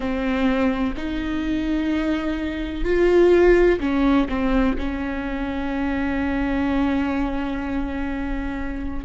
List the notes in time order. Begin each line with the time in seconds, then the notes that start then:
0.00 C4
0.96 D#4
2.84 F4
3.80 C#4
4.29 C4
4.77 C#4